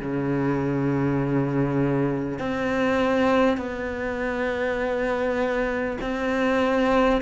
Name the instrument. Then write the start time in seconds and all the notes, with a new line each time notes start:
cello
0.00 C#3
2.38 C4
3.57 B3
6.01 C4